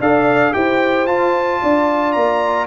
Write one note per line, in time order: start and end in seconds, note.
0.00 0.54 D4
0.00 0.53 A4
0.00 0.55 D5
0.00 0.53 F5
0.53 1.06 E4
0.53 1.06 G4
0.53 1.61 C5
0.53 1.07 G5
1.06 1.60 F4
1.06 2.67 F4
1.06 2.12 A5
1.61 2.16 D4
1.61 2.67 D5
2.12 2.67 A#3
2.12 2.66 A#5